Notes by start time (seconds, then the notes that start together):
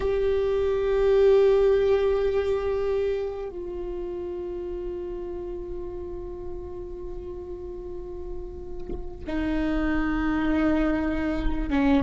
0.00 G4
3.49 F4
9.27 D#4
11.70 C#4